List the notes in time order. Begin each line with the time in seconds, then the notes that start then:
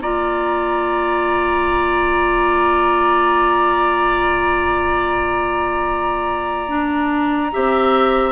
0.00 A#3 F4 D5 A#5
6.68 D4
7.52 C4 G4 E5